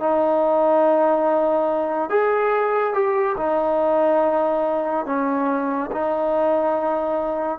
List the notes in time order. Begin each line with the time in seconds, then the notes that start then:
0.00 D#4
2.10 G#4
2.94 G4
3.38 D#4
5.06 C#4
5.92 D#4